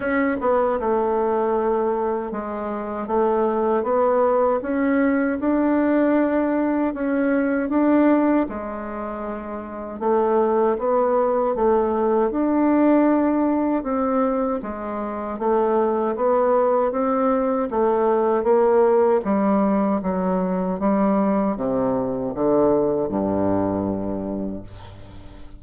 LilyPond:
\new Staff \with { instrumentName = "bassoon" } { \time 4/4 \tempo 4 = 78 cis'8 b8 a2 gis4 | a4 b4 cis'4 d'4~ | d'4 cis'4 d'4 gis4~ | gis4 a4 b4 a4 |
d'2 c'4 gis4 | a4 b4 c'4 a4 | ais4 g4 fis4 g4 | c4 d4 g,2 | }